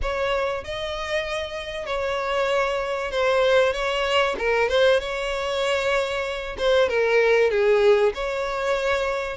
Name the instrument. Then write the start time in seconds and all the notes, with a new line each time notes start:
violin
0.01 C#5
0.63 D#5
1.86 C#5
3.11 C5
3.72 C#5
4.38 A#4
4.68 C5
5.00 C#5
6.58 C5
6.88 A#4
7.50 G#4
8.14 C#5